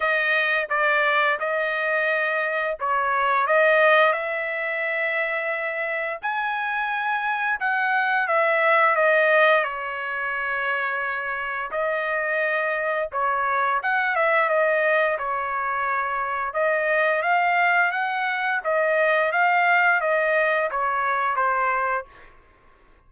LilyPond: \new Staff \with { instrumentName = "trumpet" } { \time 4/4 \tempo 4 = 87 dis''4 d''4 dis''2 | cis''4 dis''4 e''2~ | e''4 gis''2 fis''4 | e''4 dis''4 cis''2~ |
cis''4 dis''2 cis''4 | fis''8 e''8 dis''4 cis''2 | dis''4 f''4 fis''4 dis''4 | f''4 dis''4 cis''4 c''4 | }